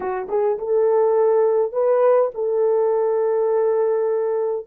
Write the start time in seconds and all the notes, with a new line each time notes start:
0.00 F#4
0.29 G#4
0.58 A4
1.72 B4
2.34 A4